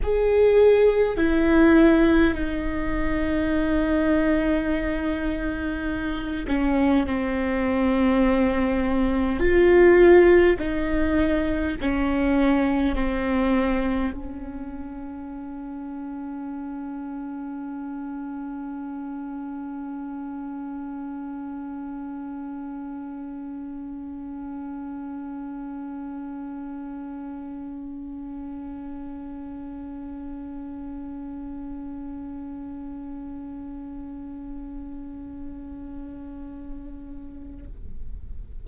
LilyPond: \new Staff \with { instrumentName = "viola" } { \time 4/4 \tempo 4 = 51 gis'4 e'4 dis'2~ | dis'4. cis'8 c'2 | f'4 dis'4 cis'4 c'4 | cis'1~ |
cis'1~ | cis'1~ | cis'1~ | cis'1 | }